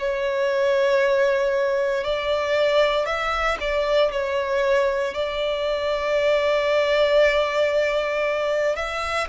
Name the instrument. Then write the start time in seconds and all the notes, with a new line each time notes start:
violin
0.00 C#5
2.05 D5
3.06 E5
3.61 D5
4.12 C#5
5.15 D5
8.76 E5